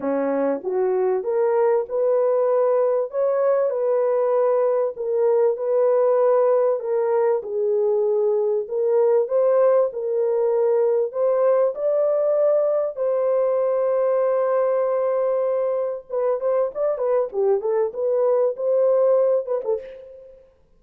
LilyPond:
\new Staff \with { instrumentName = "horn" } { \time 4/4 \tempo 4 = 97 cis'4 fis'4 ais'4 b'4~ | b'4 cis''4 b'2 | ais'4 b'2 ais'4 | gis'2 ais'4 c''4 |
ais'2 c''4 d''4~ | d''4 c''2.~ | c''2 b'8 c''8 d''8 b'8 | g'8 a'8 b'4 c''4. b'16 a'16 | }